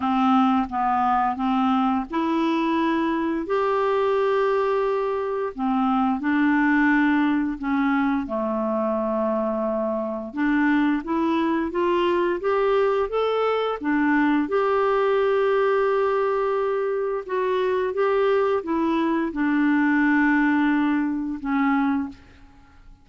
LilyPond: \new Staff \with { instrumentName = "clarinet" } { \time 4/4 \tempo 4 = 87 c'4 b4 c'4 e'4~ | e'4 g'2. | c'4 d'2 cis'4 | a2. d'4 |
e'4 f'4 g'4 a'4 | d'4 g'2.~ | g'4 fis'4 g'4 e'4 | d'2. cis'4 | }